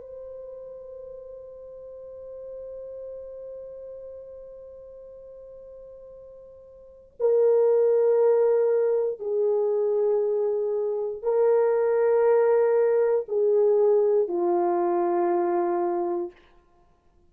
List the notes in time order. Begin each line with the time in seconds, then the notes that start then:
0.00 C5
7.19 A#4
9.19 G#4
11.22 A#4
13.28 G#4
14.28 F4